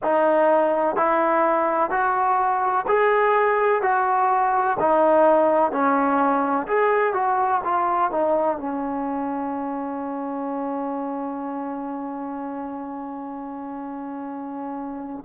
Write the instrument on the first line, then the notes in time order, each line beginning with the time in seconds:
trombone
0.03 D#4
0.96 E4
1.90 F#4
2.87 G#4
3.82 F#4
4.79 D#4
5.71 C#4
6.67 G#4
7.13 F#4
7.64 F4
8.11 D#4
8.57 C#4